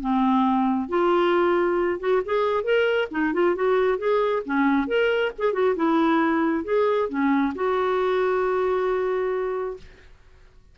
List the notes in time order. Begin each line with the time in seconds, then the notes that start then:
0.00 C4
0.89 F4
2.00 F#4
2.25 G#4
2.64 A#4
3.11 D#4
3.33 F4
3.55 F#4
3.98 G#4
4.45 C#4
4.87 A#4
5.38 G#4
5.53 F#4
5.76 E4
6.64 G#4
7.09 C#4
7.55 F#4